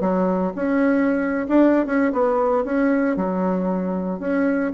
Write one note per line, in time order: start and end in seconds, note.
0.00 0.52 F#3
0.55 1.47 C#4
1.48 1.86 D4
1.86 2.12 C#4
2.12 2.64 B3
2.64 3.16 C#4
3.16 4.20 F#3
4.20 4.72 C#4